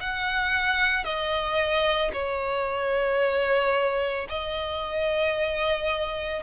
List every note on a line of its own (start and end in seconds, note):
0.00 1.04 F#5
1.04 2.11 D#5
2.13 4.27 C#5
4.29 6.42 D#5